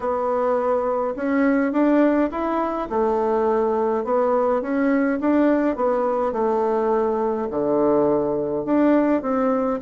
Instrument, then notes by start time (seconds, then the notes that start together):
bassoon
0.00 B3
1.16 C#4
1.72 D4
2.30 E4
2.89 A3
4.04 B3
4.61 C#4
5.20 D4
5.76 B3
6.32 A3
7.50 D3
8.65 D4
9.22 C4